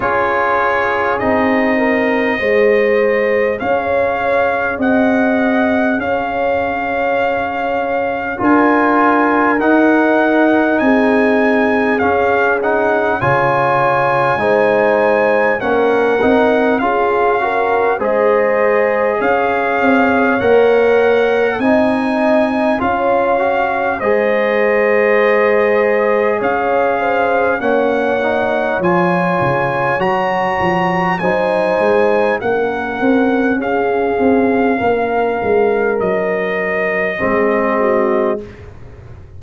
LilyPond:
<<
  \new Staff \with { instrumentName = "trumpet" } { \time 4/4 \tempo 4 = 50 cis''4 dis''2 f''4 | fis''4 f''2 gis''4 | fis''4 gis''4 f''8 fis''8 gis''4~ | gis''4 fis''4 f''4 dis''4 |
f''4 fis''4 gis''4 f''4 | dis''2 f''4 fis''4 | gis''4 ais''4 gis''4 fis''4 | f''2 dis''2 | }
  \new Staff \with { instrumentName = "horn" } { \time 4/4 gis'4. ais'8 c''4 cis''4 | dis''4 cis''2 ais'4~ | ais'4 gis'2 cis''4 | c''4 ais'4 gis'8 ais'8 c''4 |
cis''2 dis''4 cis''4 | c''2 cis''8 c''8 cis''4~ | cis''2 c''4 ais'4 | gis'4 ais'2 gis'8 fis'8 | }
  \new Staff \with { instrumentName = "trombone" } { \time 4/4 f'4 dis'4 gis'2~ | gis'2. f'4 | dis'2 cis'8 dis'8 f'4 | dis'4 cis'8 dis'8 f'8 fis'8 gis'4~ |
gis'4 ais'4 dis'4 f'8 fis'8 | gis'2. cis'8 dis'8 | f'4 fis'4 dis'4 cis'4~ | cis'2. c'4 | }
  \new Staff \with { instrumentName = "tuba" } { \time 4/4 cis'4 c'4 gis4 cis'4 | c'4 cis'2 d'4 | dis'4 c'4 cis'4 cis4 | gis4 ais8 c'8 cis'4 gis4 |
cis'8 c'8 ais4 c'4 cis'4 | gis2 cis'4 ais4 | f8 cis8 fis8 f8 fis8 gis8 ais8 c'8 | cis'8 c'8 ais8 gis8 fis4 gis4 | }
>>